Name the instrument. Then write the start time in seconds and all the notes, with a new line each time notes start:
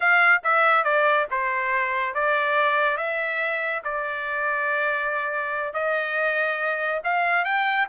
trumpet
0.00 F5
0.43 E5
0.84 D5
1.30 C5
2.14 D5
2.97 E5
3.84 D5
5.73 D#5
7.04 F5
7.44 G5